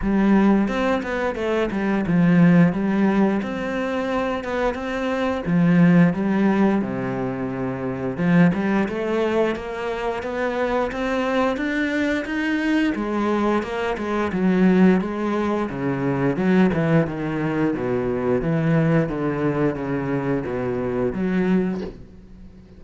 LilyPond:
\new Staff \with { instrumentName = "cello" } { \time 4/4 \tempo 4 = 88 g4 c'8 b8 a8 g8 f4 | g4 c'4. b8 c'4 | f4 g4 c2 | f8 g8 a4 ais4 b4 |
c'4 d'4 dis'4 gis4 | ais8 gis8 fis4 gis4 cis4 | fis8 e8 dis4 b,4 e4 | d4 cis4 b,4 fis4 | }